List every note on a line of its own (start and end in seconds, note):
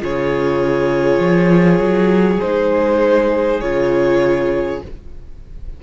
0.00 1.19 C#3
0.00 2.40 F4
0.00 4.83 G#4
0.00 2.41 C#5
1.19 1.79 F3
1.79 2.39 F#3
2.41 3.62 G#3
2.41 3.62 D#4
2.41 3.61 C5
3.61 4.82 C#3
3.61 4.83 F4
3.61 4.81 C#5